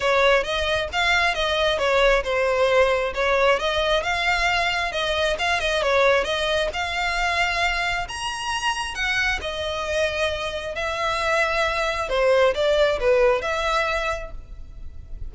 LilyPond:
\new Staff \with { instrumentName = "violin" } { \time 4/4 \tempo 4 = 134 cis''4 dis''4 f''4 dis''4 | cis''4 c''2 cis''4 | dis''4 f''2 dis''4 | f''8 dis''8 cis''4 dis''4 f''4~ |
f''2 ais''2 | fis''4 dis''2. | e''2. c''4 | d''4 b'4 e''2 | }